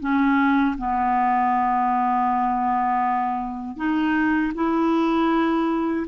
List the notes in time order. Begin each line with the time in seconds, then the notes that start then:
0.00 C#4
0.78 B3
3.77 D#4
4.55 E4